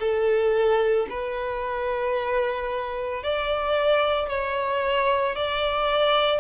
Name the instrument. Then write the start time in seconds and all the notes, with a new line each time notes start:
violin
0.00 A4
1.10 B4
3.23 D5
4.29 C#5
5.36 D5